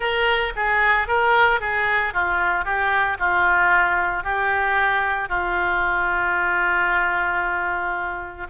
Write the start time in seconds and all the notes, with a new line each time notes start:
0.00 A#4
0.56 G#4
1.07 A#4
1.60 G#4
2.13 F4
2.64 G4
3.19 F4
4.23 G4
5.28 F4